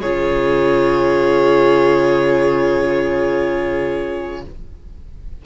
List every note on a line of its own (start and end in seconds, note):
0.00 4.45 C#3
0.00 4.45 F4
0.00 4.41 G#4
0.00 4.42 C#5